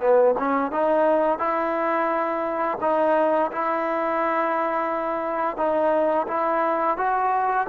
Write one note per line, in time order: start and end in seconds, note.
0.00 0.35 B3
0.38 0.71 C#4
0.71 1.38 D#4
1.38 2.78 E4
2.81 3.51 D#4
3.52 5.57 E4
5.57 6.26 D#4
6.27 6.97 E4
6.97 7.67 F#4